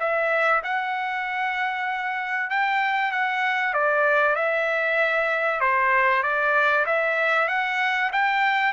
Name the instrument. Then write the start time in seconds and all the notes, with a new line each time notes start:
trumpet
0.00 E5
0.64 F#5
2.51 G5
3.12 F#5
3.74 D5
4.36 E5
5.61 C5
6.23 D5
6.87 E5
7.49 F#5
8.13 G5